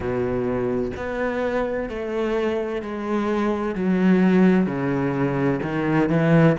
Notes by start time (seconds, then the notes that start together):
0.00 B2
0.96 B3
1.89 A3
2.81 G#3
3.75 F#3
4.66 C#3
5.62 D#3
6.09 E3